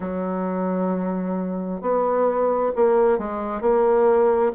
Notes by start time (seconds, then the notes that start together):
0.00 F#3
1.81 B3
2.75 A#3
3.18 G#3
3.61 A#3